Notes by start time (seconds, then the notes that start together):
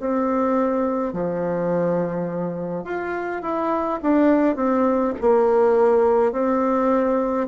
0.00 C4
1.13 F3
2.84 F4
3.42 E4
4.02 D4
4.56 C4
5.21 A#3
6.32 C4